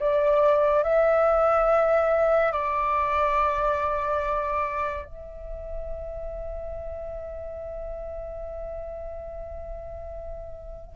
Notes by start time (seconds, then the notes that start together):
0.00 D5
0.84 E5
2.53 D5
5.06 E5